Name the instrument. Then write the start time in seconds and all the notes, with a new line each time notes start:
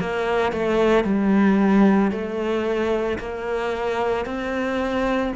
cello
0.00 A#3
0.52 A3
1.04 G3
2.11 A3
3.19 A#3
4.25 C4